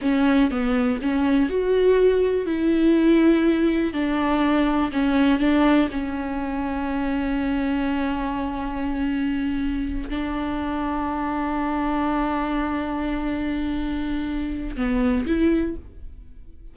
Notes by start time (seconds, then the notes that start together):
0.01 C#4
0.50 B3
1.01 C#4
1.49 F#4
2.46 E4
3.93 D4
4.92 C#4
5.39 D4
5.91 C#4
10.09 D4
14.76 B3
15.26 E4